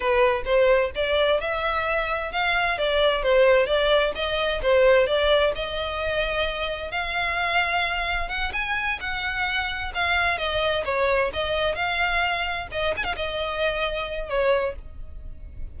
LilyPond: \new Staff \with { instrumentName = "violin" } { \time 4/4 \tempo 4 = 130 b'4 c''4 d''4 e''4~ | e''4 f''4 d''4 c''4 | d''4 dis''4 c''4 d''4 | dis''2. f''4~ |
f''2 fis''8 gis''4 fis''8~ | fis''4. f''4 dis''4 cis''8~ | cis''8 dis''4 f''2 dis''8 | gis''16 f''16 dis''2~ dis''8 cis''4 | }